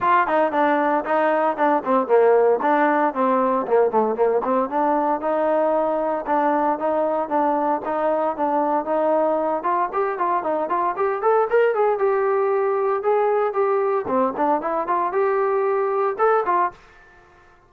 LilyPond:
\new Staff \with { instrumentName = "trombone" } { \time 4/4 \tempo 4 = 115 f'8 dis'8 d'4 dis'4 d'8 c'8 | ais4 d'4 c'4 ais8 a8 | ais8 c'8 d'4 dis'2 | d'4 dis'4 d'4 dis'4 |
d'4 dis'4. f'8 g'8 f'8 | dis'8 f'8 g'8 a'8 ais'8 gis'8 g'4~ | g'4 gis'4 g'4 c'8 d'8 | e'8 f'8 g'2 a'8 f'8 | }